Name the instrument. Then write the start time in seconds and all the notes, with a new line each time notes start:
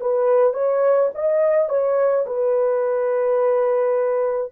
horn
0.00 B4
0.53 C#5
1.14 D#5
1.69 C#5
2.26 B4